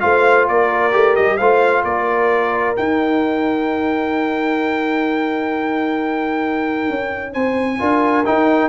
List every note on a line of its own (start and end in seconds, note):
0.00 0.48 A3
0.00 0.91 F4
0.00 0.48 C5
0.00 0.46 F5
0.48 0.94 A#3
0.48 1.37 A#4
0.48 1.16 D5
0.91 1.17 A3
0.91 1.37 G4
1.16 1.39 G3
1.16 1.37 D#5
1.37 1.83 A3
1.37 2.75 F4
1.37 1.83 C5
1.37 1.82 F5
1.83 2.75 A#3
1.83 7.32 A#4
1.83 2.76 D5
2.75 7.78 D#4
2.75 6.89 D#4
2.75 7.33 G5
6.89 7.34 C#4
7.32 7.80 C4
7.32 7.78 C5
7.32 8.25 G#5
7.78 8.26 D4
7.78 8.24 F4
7.78 8.69 A#4
8.25 8.69 D#4
8.25 8.69 G5